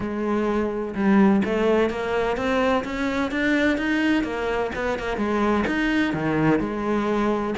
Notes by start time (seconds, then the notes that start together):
0.00 G#3
0.94 G3
1.44 A3
1.90 A#3
2.36 C4
2.84 C#4
3.31 D4
3.77 D#4
4.23 A#3
4.75 B3
4.98 A#3
5.17 G#3
5.66 D#4
6.13 D#3
6.59 G#3